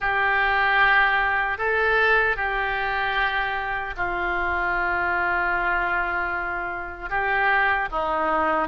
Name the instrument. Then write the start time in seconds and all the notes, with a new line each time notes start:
oboe
0.00 G4
1.58 A4
2.36 G4
3.96 F4
7.09 G4
7.91 D#4